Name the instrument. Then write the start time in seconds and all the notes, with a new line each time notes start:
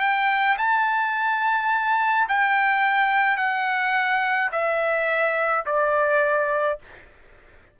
trumpet
0.00 G5
0.58 A5
2.29 G5
3.38 F#5
4.52 E5
5.66 D5